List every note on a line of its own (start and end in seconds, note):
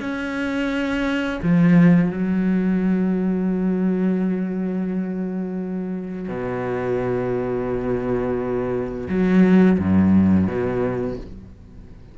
0.00 1.40 C#4
1.42 2.10 F3
2.10 6.29 F#3
6.29 9.08 B2
9.09 9.79 F#3
9.79 10.47 F#2
10.47 11.17 B2